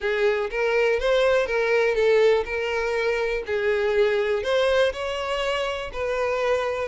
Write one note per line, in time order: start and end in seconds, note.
0.00 0.50 G#4
0.50 0.99 A#4
0.99 1.46 C5
1.46 1.94 A#4
1.94 2.43 A4
2.45 3.43 A#4
3.46 4.43 G#4
4.43 4.92 C5
4.92 5.91 C#5
5.92 6.88 B4